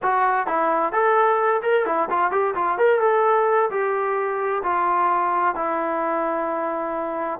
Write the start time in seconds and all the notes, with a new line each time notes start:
0.02 F#4
0.47 E4
0.92 A4
1.62 A#4
1.85 E4
2.10 F4
2.31 G4
2.54 F4
2.77 A#4
3.00 A4
3.70 G4
4.63 F4
5.55 E4